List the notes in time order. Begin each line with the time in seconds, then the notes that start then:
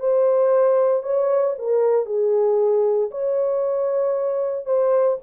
0.00 C5
1.03 C#5
1.58 A#4
2.06 G#4
3.11 C#5
4.66 C5